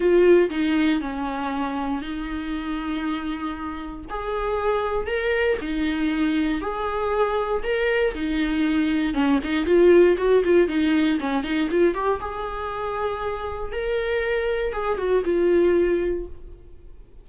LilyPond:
\new Staff \with { instrumentName = "viola" } { \time 4/4 \tempo 4 = 118 f'4 dis'4 cis'2 | dis'1 | gis'2 ais'4 dis'4~ | dis'4 gis'2 ais'4 |
dis'2 cis'8 dis'8 f'4 | fis'8 f'8 dis'4 cis'8 dis'8 f'8 g'8 | gis'2. ais'4~ | ais'4 gis'8 fis'8 f'2 | }